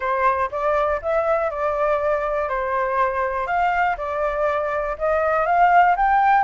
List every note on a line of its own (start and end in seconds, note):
0.00 0.50 C5
0.51 1.00 D5
1.02 1.50 E5
1.50 2.49 D5
2.49 3.46 C5
3.46 3.96 F5
3.97 4.96 D5
4.98 5.45 D#5
5.45 5.95 F5
5.96 6.43 G5